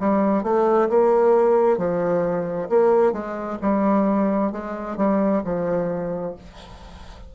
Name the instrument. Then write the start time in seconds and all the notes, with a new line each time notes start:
bassoon
0.00 G3
0.43 A3
0.90 A#3
1.78 F3
2.70 A#3
3.13 G#3
3.62 G3
4.52 G#3
4.97 G3
5.44 F3